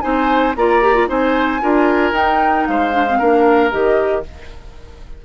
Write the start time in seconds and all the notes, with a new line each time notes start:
0.00 C4 D#4 C5 G#5
0.56 A#3 F4 D5 A#5
0.82 G4
0.94 F4
1.07 C4 D#4 C5 G#5
1.61 D4 F4 A#4
2.12 D#4 G5
2.66 G#3 C5 F5
2.92 D4
3.08 C4
3.18 A#3 D4 A#4
3.70 D#3 G4 D#5